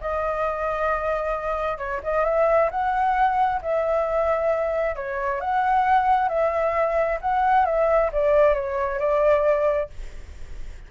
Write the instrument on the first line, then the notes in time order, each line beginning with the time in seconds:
flute
0.00 D#5
1.78 C#5
2.03 D#5
2.24 E5
2.70 F#5
3.61 E5
4.95 C#5
5.40 F#5
6.28 E5
7.21 F#5
7.65 E5
8.12 D5
8.54 C#5
8.99 D5